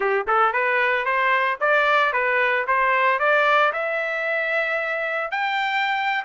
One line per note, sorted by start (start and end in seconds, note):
0.00 0.26 G4
0.27 0.52 A4
0.52 1.05 B4
1.05 1.58 C5
1.60 2.12 D5
2.12 2.65 B4
2.67 3.19 C5
3.19 3.72 D5
3.73 5.31 E5
5.31 6.24 G5